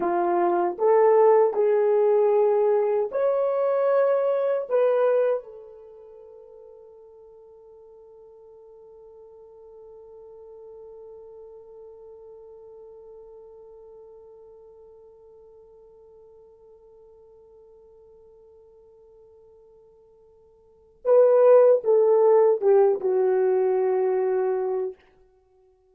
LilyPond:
\new Staff \with { instrumentName = "horn" } { \time 4/4 \tempo 4 = 77 f'4 a'4 gis'2 | cis''2 b'4 a'4~ | a'1~ | a'1~ |
a'1~ | a'1~ | a'2. b'4 | a'4 g'8 fis'2~ fis'8 | }